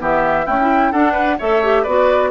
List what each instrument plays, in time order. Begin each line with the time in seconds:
0.00 bassoon E3, clarinet B3, oboe G4, flute E5
0.46 clarinet A3, bassoon C#4, oboe E4, flute G5
0.61 clarinet E4
0.92 bassoon D4, clarinet D4, oboe A4, flute F#5
1.12 oboe B4
1.39 bassoon A3, clarinet A4, oboe C#5, flute E5
1.64 clarinet G4
1.83 bassoon B3, clarinet F#4, oboe B4, flute D5